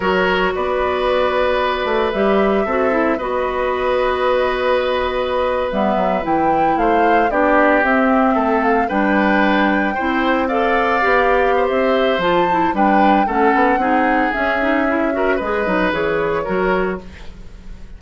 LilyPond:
<<
  \new Staff \with { instrumentName = "flute" } { \time 4/4 \tempo 4 = 113 cis''4 d''2. | e''2 dis''2~ | dis''2~ dis''8. e''4 g''16~ | g''8. f''4 d''4 e''4~ e''16~ |
e''16 f''8 g''2. f''16~ | f''2 e''4 a''4 | g''4 fis''2 e''4~ | e''4 dis''4 cis''2 | }
  \new Staff \with { instrumentName = "oboe" } { \time 4/4 ais'4 b'2.~ | b'4 a'4 b'2~ | b'1~ | b'8. c''4 g'2 a'16~ |
a'8. b'2 c''4 d''16~ | d''4.~ d''16 c''2~ c''16 | b'4 a'4 gis'2~ | gis'8 ais'8 b'2 ais'4 | }
  \new Staff \with { instrumentName = "clarinet" } { \time 4/4 fis'1 | g'4 fis'8 e'8 fis'2~ | fis'2~ fis'8. b4 e'16~ | e'4.~ e'16 d'4 c'4~ c'16~ |
c'8. d'2 e'4 a'16~ | a'8. g'2~ g'16 f'8 e'8 | d'4 cis'4 dis'4 cis'8 dis'8 | e'8 fis'8 gis'8 dis'8 gis'4 fis'4 | }
  \new Staff \with { instrumentName = "bassoon" } { \time 4/4 fis4 b2~ b8 a8 | g4 c'4 b2~ | b2~ b8. g8 fis8 e16~ | e8. a4 b4 c'4 a16~ |
a8. g2 c'4~ c'16~ | c'8. b4~ b16 c'4 f4 | g4 a8 b8 c'4 cis'4~ | cis'4 gis8 fis8 e4 fis4 | }
>>